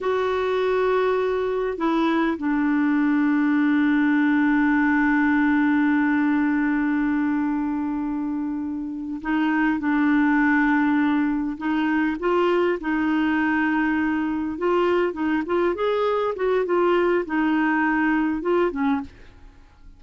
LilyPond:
\new Staff \with { instrumentName = "clarinet" } { \time 4/4 \tempo 4 = 101 fis'2. e'4 | d'1~ | d'1~ | d'2.~ d'8 dis'8~ |
dis'8 d'2. dis'8~ | dis'8 f'4 dis'2~ dis'8~ | dis'8 f'4 dis'8 f'8 gis'4 fis'8 | f'4 dis'2 f'8 cis'8 | }